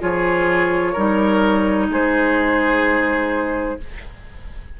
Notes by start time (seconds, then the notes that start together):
0.00 F3 F4 G#4 C#5
0.92 G3 D#4 A#4
1.89 G#3 G#4 C5